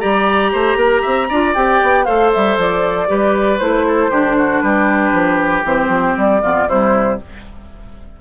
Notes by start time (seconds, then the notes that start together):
0.00 G3 G4 D5 A#5
0.52 A3 C5
0.76 A#3 A#4
1.02 C4 E5
1.29 D4 F4 D5
1.54 C4 G4 G5
1.82 B3
2.05 A3 A4 C5 F5
2.33 G3 E5
2.57 F3 D5
3.08 G3 G4 B4
3.59 A3 E4 C5
3.87 A4
4.11 D3 D4 G4
4.38 F#4
4.61 G3 G4 B4
5.13 F3
5.65 E3 C4 C5
5.88 F3
6.18 G3 D5
6.42 F2 B3 F4
6.68 C3 G3 E4 C5